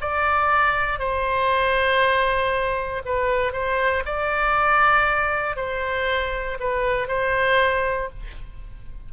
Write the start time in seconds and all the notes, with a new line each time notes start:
0.00 D5
0.98 C5
3.05 B4
3.52 C5
4.05 D5
5.56 C5
6.60 B4
7.07 C5